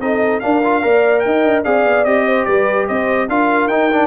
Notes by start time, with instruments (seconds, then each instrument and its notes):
0.00 tuba C4, trombone D#4, horn A4, trumpet D#5
0.40 trombone D4, tuba D4, horn A#4, trumpet F5
0.64 trombone F4
0.83 tuba A#3, trombone A#4, horn D5
1.20 tuba D#4, horn D#5, trumpet G5
1.44 tuba D4
1.64 tuba C4, trombone G#4, horn D5, trumpet F5
1.85 tuba B3
2.05 tuba C4, trombone G4, trumpet D#5
2.26 horn C5
2.45 tuba G3, horn B4, trumpet D5
2.88 tuba C4, horn C5, trumpet D#5
3.29 tuba D4, trombone F4, horn A#4, trumpet F5
3.68 tuba D#4, trombone D#4, trumpet G5
3.91 trombone D4